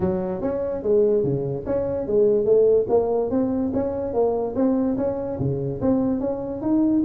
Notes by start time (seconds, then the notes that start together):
0.00 F#3
0.41 C#4
0.82 G#3
1.23 C#3
1.66 C#4
2.06 G#3
2.45 A3
2.89 A#3
3.30 C4
3.73 C#4
4.13 A#3
4.55 C4
4.97 C#4
5.39 C#3
5.81 C4
6.20 C#4
6.61 D#4